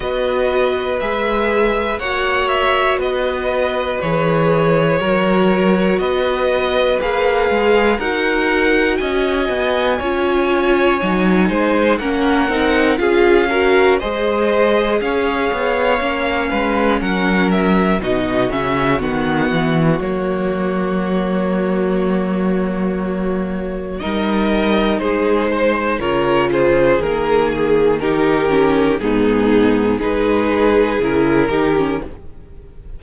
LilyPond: <<
  \new Staff \with { instrumentName = "violin" } { \time 4/4 \tempo 4 = 60 dis''4 e''4 fis''8 e''8 dis''4 | cis''2 dis''4 f''4 | fis''4 gis''2. | fis''4 f''4 dis''4 f''4~ |
f''4 fis''8 e''8 dis''8 e''8 fis''4 | cis''1 | dis''4 c''4 cis''8 c''8 ais'8 gis'8 | ais'4 gis'4 b'4 ais'4 | }
  \new Staff \with { instrumentName = "violin" } { \time 4/4 b'2 cis''4 b'4~ | b'4 ais'4 b'2 | ais'4 dis''4 cis''4. c''8 | ais'4 gis'8 ais'8 c''4 cis''4~ |
cis''8 b'8 ais'4 fis'2~ | fis'1 | ais'4 gis'8 c''8 ais'8 gis'4. | g'4 dis'4 gis'4. g'8 | }
  \new Staff \with { instrumentName = "viola" } { \time 4/4 fis'4 gis'4 fis'2 | gis'4 fis'2 gis'4 | fis'2 f'4 dis'4 | cis'8 dis'8 f'8 fis'8 gis'2 |
cis'2 dis'8 cis'8 b4 | ais1 | dis'2 f'4 ais4 | dis'8 cis'8 b4 dis'4 e'8 dis'16 cis'16 | }
  \new Staff \with { instrumentName = "cello" } { \time 4/4 b4 gis4 ais4 b4 | e4 fis4 b4 ais8 gis8 | dis'4 cis'8 b8 cis'4 fis8 gis8 | ais8 c'8 cis'4 gis4 cis'8 b8 |
ais8 gis8 fis4 b,8 cis8 dis8 e8 | fis1 | g4 gis4 cis4 dis4~ | dis4 gis,4 gis4 cis8 dis8 | }
>>